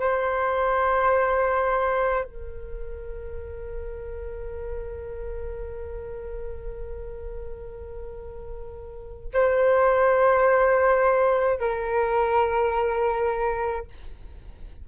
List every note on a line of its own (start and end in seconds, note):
0.00 2.24 C5
2.24 9.32 A#4
9.33 11.60 C5
11.60 13.86 A#4